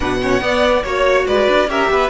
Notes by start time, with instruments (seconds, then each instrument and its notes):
0.00 cello B2, viola D4, violin B4 F#5
0.22 viola C#4, violin C#5
0.41 cello B3, viola B3, violin D5
0.83 cello A#3, viola F#4, violin C#5
1.27 cello G#3, violin B4 D5
1.48 cello D4
1.67 cello C#4, viola G4, violin A#4 E5
1.90 cello B3, violin B4